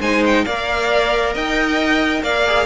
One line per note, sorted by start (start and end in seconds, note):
0.00 0.45 G#3
0.00 0.46 D#4
0.00 0.44 C5
0.00 0.24 G#5
0.26 0.45 G5
0.45 1.35 A#3
0.45 2.46 A#4
0.45 1.33 D5
0.45 1.34 F5
1.33 2.22 D#4
1.33 2.22 D#5
1.33 2.23 G5
2.22 2.66 A#3
2.22 2.66 D5
2.22 2.66 F5
2.46 2.66 G#4